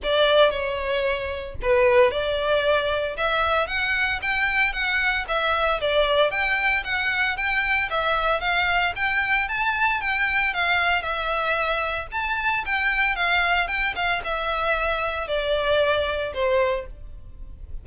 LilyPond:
\new Staff \with { instrumentName = "violin" } { \time 4/4 \tempo 4 = 114 d''4 cis''2 b'4 | d''2 e''4 fis''4 | g''4 fis''4 e''4 d''4 | g''4 fis''4 g''4 e''4 |
f''4 g''4 a''4 g''4 | f''4 e''2 a''4 | g''4 f''4 g''8 f''8 e''4~ | e''4 d''2 c''4 | }